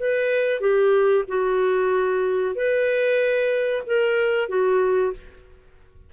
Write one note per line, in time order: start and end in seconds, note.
0.00 0.61 B4
0.61 1.24 G4
1.28 2.56 F#4
2.56 3.83 B4
3.87 4.49 A#4
4.49 5.13 F#4